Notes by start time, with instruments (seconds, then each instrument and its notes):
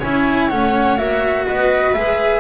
0.00 double bass C#4, cello E4, viola C#5, flute G#5
0.49 double bass A3, cello C#4, flute F#5
0.97 double bass A#3, cello F#4, flute E5
1.46 double bass B3, viola B4, flute D#5
1.94 double bass G#3, cello G#4, flute E5